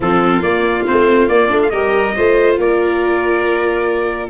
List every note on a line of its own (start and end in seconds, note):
0.00 0.42 F3
0.00 0.42 C4
0.00 1.71 F4
0.00 0.42 A4
0.42 0.85 A#3
0.42 0.85 D5
0.86 1.29 A3
0.86 1.29 C4
0.86 1.28 C5
1.28 1.50 A#3
1.28 1.48 A#3
1.28 1.60 D5
1.48 1.72 A3
1.48 1.70 D4
1.62 1.70 F5
1.70 2.15 G3
1.70 2.15 G4
1.70 2.14 A#4
1.70 2.56 D#5
2.15 2.57 A3
2.15 4.29 F4
2.15 2.59 C5
2.57 4.29 A#3
2.57 4.29 A#4
2.57 4.29 D5